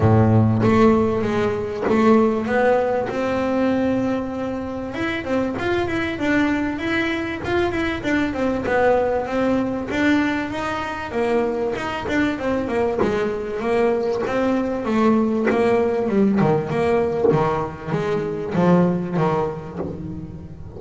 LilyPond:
\new Staff \with { instrumentName = "double bass" } { \time 4/4 \tempo 4 = 97 a,4 a4 gis4 a4 | b4 c'2. | e'8 c'8 f'8 e'8 d'4 e'4 | f'8 e'8 d'8 c'8 b4 c'4 |
d'4 dis'4 ais4 dis'8 d'8 | c'8 ais8 gis4 ais4 c'4 | a4 ais4 g8 dis8 ais4 | dis4 gis4 f4 dis4 | }